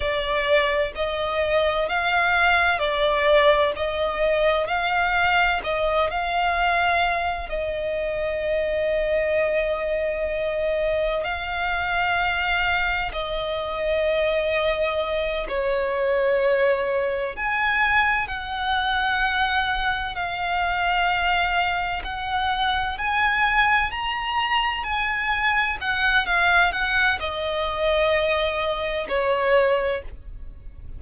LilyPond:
\new Staff \with { instrumentName = "violin" } { \time 4/4 \tempo 4 = 64 d''4 dis''4 f''4 d''4 | dis''4 f''4 dis''8 f''4. | dis''1 | f''2 dis''2~ |
dis''8 cis''2 gis''4 fis''8~ | fis''4. f''2 fis''8~ | fis''8 gis''4 ais''4 gis''4 fis''8 | f''8 fis''8 dis''2 cis''4 | }